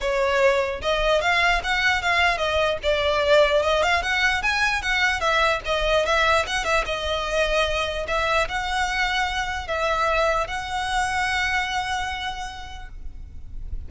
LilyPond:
\new Staff \with { instrumentName = "violin" } { \time 4/4 \tempo 4 = 149 cis''2 dis''4 f''4 | fis''4 f''4 dis''4 d''4~ | d''4 dis''8 f''8 fis''4 gis''4 | fis''4 e''4 dis''4 e''4 |
fis''8 e''8 dis''2. | e''4 fis''2. | e''2 fis''2~ | fis''1 | }